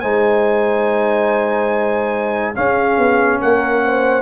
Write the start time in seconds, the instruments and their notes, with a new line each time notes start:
0.00 tuba G#3, trombone D#4, horn C5, trumpet G#5
2.54 trombone C#4, tuba C#4, horn G#4, trumpet F5
2.98 tuba B3
3.41 tuba A#3, horn A#4, trumpet F#5
3.84 horn C5